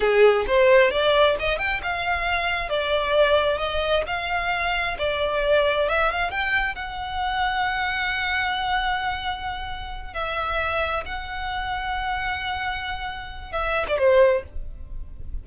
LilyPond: \new Staff \with { instrumentName = "violin" } { \time 4/4 \tempo 4 = 133 gis'4 c''4 d''4 dis''8 g''8 | f''2 d''2 | dis''4 f''2 d''4~ | d''4 e''8 f''8 g''4 fis''4~ |
fis''1~ | fis''2~ fis''8 e''4.~ | e''8 fis''2.~ fis''8~ | fis''2 e''8. d''16 c''4 | }